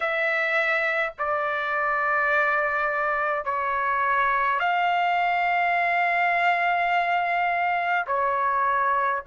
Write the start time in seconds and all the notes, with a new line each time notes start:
0.00 E5
1.18 D5
3.44 C#5
4.59 F5
8.06 C#5